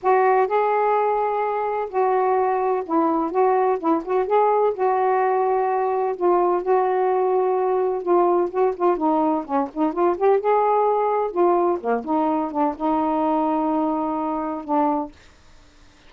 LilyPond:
\new Staff \with { instrumentName = "saxophone" } { \time 4/4 \tempo 4 = 127 fis'4 gis'2. | fis'2 e'4 fis'4 | e'8 fis'8 gis'4 fis'2~ | fis'4 f'4 fis'2~ |
fis'4 f'4 fis'8 f'8 dis'4 | cis'8 dis'8 f'8 g'8 gis'2 | f'4 ais8 dis'4 d'8 dis'4~ | dis'2. d'4 | }